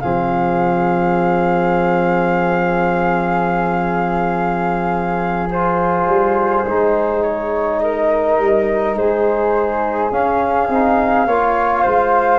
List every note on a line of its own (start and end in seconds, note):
0.00 6.07 F3
0.00 5.49 C4
0.00 7.81 G#4
0.00 5.48 F5
5.50 6.65 F4
5.50 7.23 C5
6.07 6.65 G3
6.66 8.38 G#3
6.66 10.12 D#4
7.23 7.80 C#5
7.80 8.99 A#4
7.80 8.95 D#5
8.38 8.96 G3
8.96 10.11 G#3
8.96 11.27 G#4
8.96 10.12 C5
10.12 10.69 C#4
10.12 12.39 F5
10.69 11.26 C4
10.69 11.28 D#4
11.26 11.84 A#3
11.26 12.39 F4
11.26 11.83 C#5
11.83 12.39 G#3
11.83 12.39 C5